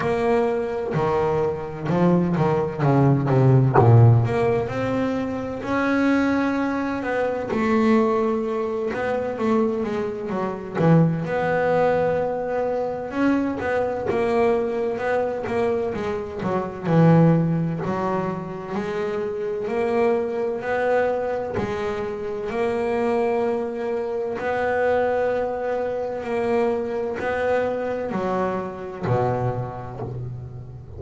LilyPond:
\new Staff \with { instrumentName = "double bass" } { \time 4/4 \tempo 4 = 64 ais4 dis4 f8 dis8 cis8 c8 | ais,8 ais8 c'4 cis'4. b8 | a4. b8 a8 gis8 fis8 e8 | b2 cis'8 b8 ais4 |
b8 ais8 gis8 fis8 e4 fis4 | gis4 ais4 b4 gis4 | ais2 b2 | ais4 b4 fis4 b,4 | }